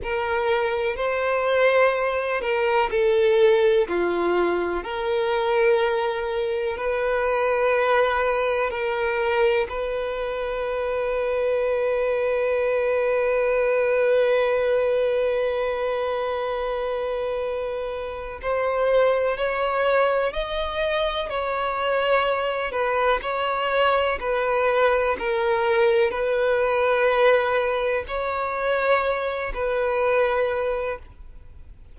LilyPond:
\new Staff \with { instrumentName = "violin" } { \time 4/4 \tempo 4 = 62 ais'4 c''4. ais'8 a'4 | f'4 ais'2 b'4~ | b'4 ais'4 b'2~ | b'1~ |
b'2. c''4 | cis''4 dis''4 cis''4. b'8 | cis''4 b'4 ais'4 b'4~ | b'4 cis''4. b'4. | }